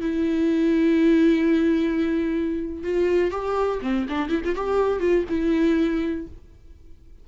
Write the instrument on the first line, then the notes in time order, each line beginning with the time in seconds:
viola
0.00 E4
2.83 F4
3.31 G4
3.82 C4
4.08 D4
4.29 E4
4.44 F4
4.55 G4
5.00 F4
5.29 E4